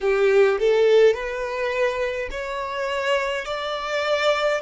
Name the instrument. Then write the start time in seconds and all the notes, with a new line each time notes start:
violin
0.00 G4
0.59 A4
1.13 B4
2.31 C#5
3.45 D5